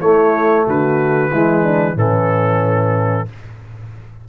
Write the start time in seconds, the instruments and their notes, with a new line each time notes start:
0.00 trombone A3, tuba A3, horn E4, trumpet C#5
0.67 tuba D3, horn F#4, trumpet B4
1.32 tuba E3, trombone G#3, horn E4
1.63 horn D4
1.95 tuba A2, trombone E3, horn C#4, trumpet A4